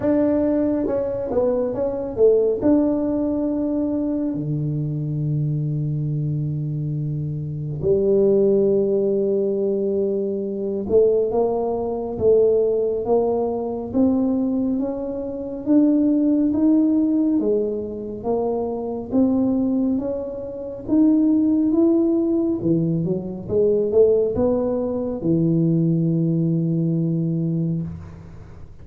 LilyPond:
\new Staff \with { instrumentName = "tuba" } { \time 4/4 \tempo 4 = 69 d'4 cis'8 b8 cis'8 a8 d'4~ | d'4 d2.~ | d4 g2.~ | g8 a8 ais4 a4 ais4 |
c'4 cis'4 d'4 dis'4 | gis4 ais4 c'4 cis'4 | dis'4 e'4 e8 fis8 gis8 a8 | b4 e2. | }